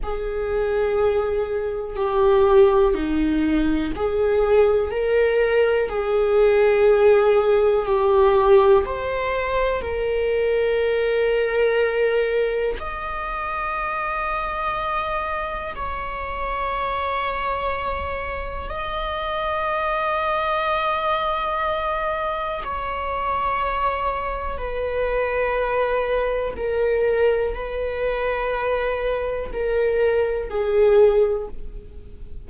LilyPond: \new Staff \with { instrumentName = "viola" } { \time 4/4 \tempo 4 = 61 gis'2 g'4 dis'4 | gis'4 ais'4 gis'2 | g'4 c''4 ais'2~ | ais'4 dis''2. |
cis''2. dis''4~ | dis''2. cis''4~ | cis''4 b'2 ais'4 | b'2 ais'4 gis'4 | }